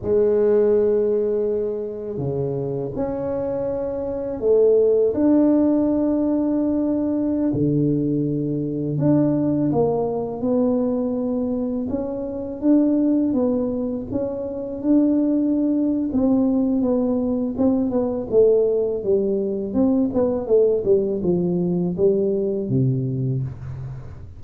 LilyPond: \new Staff \with { instrumentName = "tuba" } { \time 4/4 \tempo 4 = 82 gis2. cis4 | cis'2 a4 d'4~ | d'2~ d'16 d4.~ d16~ | d16 d'4 ais4 b4.~ b16~ |
b16 cis'4 d'4 b4 cis'8.~ | cis'16 d'4.~ d'16 c'4 b4 | c'8 b8 a4 g4 c'8 b8 | a8 g8 f4 g4 c4 | }